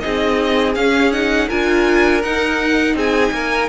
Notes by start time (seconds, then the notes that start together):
0.00 C4 D#4 G#4 D#5
0.75 C#4 F5
1.12 D#4 F#5
1.48 D4 F4 A#4 G#5
2.22 D#4 F#5
2.94 C4 G#4 G#5
3.31 A#3 A#4